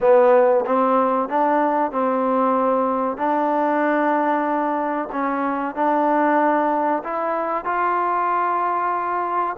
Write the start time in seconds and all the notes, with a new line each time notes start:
0.00 B3
0.65 C4
1.28 D4
1.91 C4
3.17 D4
5.12 C#4
5.75 D4
7.03 E4
7.65 F4